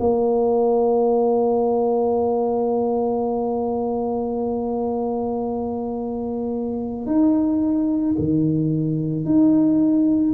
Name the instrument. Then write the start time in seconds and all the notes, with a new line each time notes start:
tuba
0.00 A#3
7.07 D#4
8.19 D#3
9.25 D#4